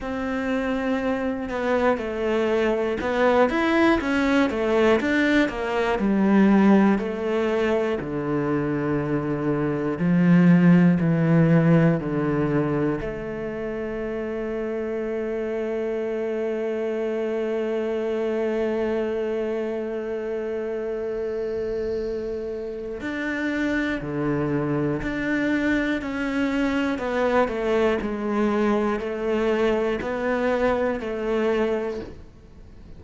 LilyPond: \new Staff \with { instrumentName = "cello" } { \time 4/4 \tempo 4 = 60 c'4. b8 a4 b8 e'8 | cis'8 a8 d'8 ais8 g4 a4 | d2 f4 e4 | d4 a2.~ |
a1~ | a2. d'4 | d4 d'4 cis'4 b8 a8 | gis4 a4 b4 a4 | }